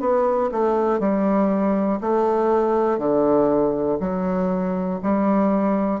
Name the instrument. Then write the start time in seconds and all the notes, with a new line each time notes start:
bassoon
0.00 B3
0.51 A3
0.99 G3
2.00 A3
2.98 D3
4.00 F#3
5.02 G3